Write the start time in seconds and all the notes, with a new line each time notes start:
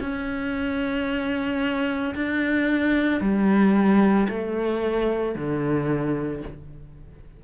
0.00 C#4
2.14 D4
3.20 G3
4.29 A3
5.35 D3